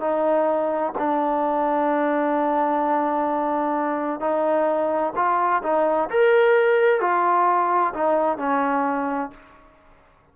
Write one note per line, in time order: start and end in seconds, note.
0.00 0.93 D#4
0.98 4.20 D4
4.20 5.13 D#4
5.16 5.62 F4
5.63 6.09 D#4
6.10 7.00 A#4
7.00 7.93 F4
7.93 8.37 D#4
8.37 9.30 C#4